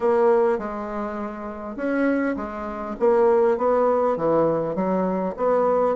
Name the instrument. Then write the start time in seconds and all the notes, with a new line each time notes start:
bassoon
0.00 A#3
0.58 G#3
1.76 C#4
2.36 G#3
2.99 A#3
3.57 B3
4.16 E3
4.75 F#3
5.36 B3